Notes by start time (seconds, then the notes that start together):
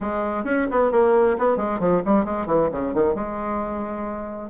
0.01 G#3
0.44 C#4
0.70 B3
0.91 A#3
1.38 B3
1.57 G#3
1.79 F3
2.05 G3
2.25 G#3
2.46 E3
2.71 C#3
2.93 D#3
3.15 G#3